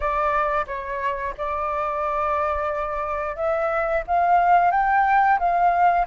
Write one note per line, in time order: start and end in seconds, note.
0.00 0.65 D5
0.66 1.34 C#5
1.37 3.36 D5
3.36 4.03 E5
4.07 4.71 F5
4.71 5.38 G5
5.39 6.06 F5